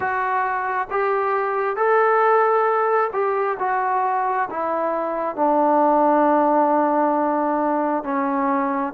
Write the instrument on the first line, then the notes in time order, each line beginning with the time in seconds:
trombone
0.00 F#4
0.90 G4
1.76 A4
3.12 G4
3.59 F#4
4.50 E4
5.35 D4
8.03 C#4